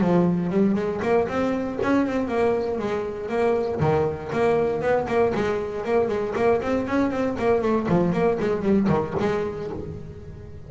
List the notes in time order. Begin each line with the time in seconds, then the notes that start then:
0.00 F3
0.50 G3
0.75 G#3
1.02 A#3
1.28 C4
1.82 C#4
2.06 C4
2.27 A#3
2.78 G#3
3.29 A#3
3.80 D#3
4.32 A#3
4.81 B3
5.07 A#3
5.34 G#3
5.84 A#3
6.08 G#3
6.35 A#3
6.61 C4
6.87 C#4
7.10 C4
7.38 A#3
7.61 A3
7.88 F3
8.12 A#3
8.39 G#3
8.62 G3
8.88 D#3
9.19 G#3